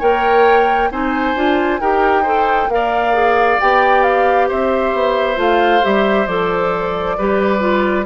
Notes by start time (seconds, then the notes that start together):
0.00 A#3 A#4 C#5 G5
0.91 C4 D#4 C5 G#5
1.36 D4 F4
1.81 D#4 G4 A#4 G5
2.23 A4 C5
2.68 A#3 A#4 F5
2.74 D5
3.14 G#4
3.61 B3 G4 G5
4.04 F5
4.49 C4 C5 E5
4.93 B3
5.36 A3 F4 F5
5.82 G3 G4 E5
6.27 F3 A4 D5
7.18 G3 G4 B4
7.60 F4